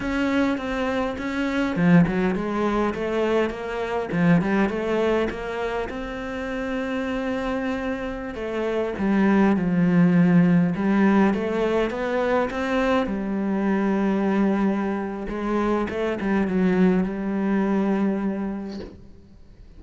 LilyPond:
\new Staff \with { instrumentName = "cello" } { \time 4/4 \tempo 4 = 102 cis'4 c'4 cis'4 f8 fis8 | gis4 a4 ais4 f8 g8 | a4 ais4 c'2~ | c'2~ c'16 a4 g8.~ |
g16 f2 g4 a8.~ | a16 b4 c'4 g4.~ g16~ | g2 gis4 a8 g8 | fis4 g2. | }